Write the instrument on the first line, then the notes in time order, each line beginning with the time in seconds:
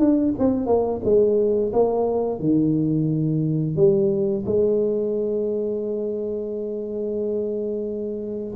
tuba
0.00 D4
0.39 C4
0.67 A#3
1.04 G#3
1.73 A#3
2.40 D#3
3.76 G3
4.46 G#3